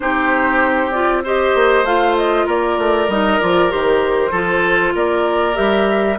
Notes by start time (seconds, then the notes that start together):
0.00 C4 D#4 G4 C5
0.90 F4 D5
1.23 G4 C5 D#5
1.54 A#3
1.83 A3 F4 F5
2.16 D#5
2.46 A#3 A#4 D5
2.78 A3
3.07 G3 D#4 D#5
3.40 F3 F4 D5
3.69 D#3 G4 C5
4.31 F3 F4 A4
4.94 A#3 A#4 D5
5.54 G3 G4 E5